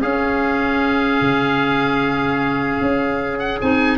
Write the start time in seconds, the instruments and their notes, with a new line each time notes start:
0.00 clarinet C#4, tuba C#4, trumpet G#4, oboe F5
1.21 tuba C#3
2.81 tuba C#4
3.39 oboe F#5
3.61 tuba C4, clarinet D#4, oboe G#5